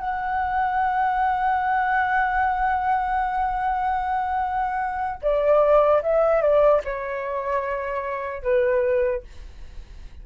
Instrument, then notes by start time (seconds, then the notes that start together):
flute
0.00 F#5
5.22 D5
6.03 E5
6.41 D5
6.85 C#5
8.43 B4